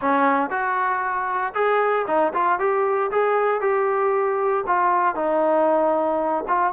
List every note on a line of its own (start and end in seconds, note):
0.01 0.50 C#4
0.50 1.53 F#4
1.54 2.06 G#4
2.07 2.33 D#4
2.33 2.59 F4
2.59 3.11 G4
3.11 3.60 G#4
3.60 4.64 G4
4.66 5.15 F4
5.15 6.44 D#4
6.47 6.73 F4